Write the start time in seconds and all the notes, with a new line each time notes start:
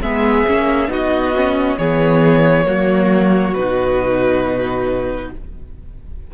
0.00 G#3 B3 G#4 E5
0.47 A#3 C#4
0.88 B3 D#4 F#4 D#5
1.36 C#4
1.78 E3 B3 G#4 C#5
2.65 F#3 A#3 F#4
3.54 B2 D#4 B4